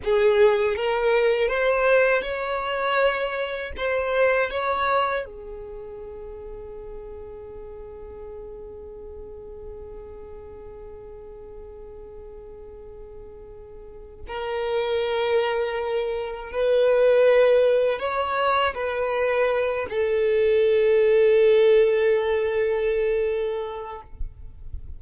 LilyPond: \new Staff \with { instrumentName = "violin" } { \time 4/4 \tempo 4 = 80 gis'4 ais'4 c''4 cis''4~ | cis''4 c''4 cis''4 gis'4~ | gis'1~ | gis'1~ |
gis'2. ais'4~ | ais'2 b'2 | cis''4 b'4. a'4.~ | a'1 | }